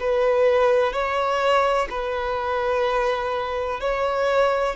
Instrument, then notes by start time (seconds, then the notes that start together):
violin
0.00 B4
0.93 C#5
1.90 B4
3.81 C#5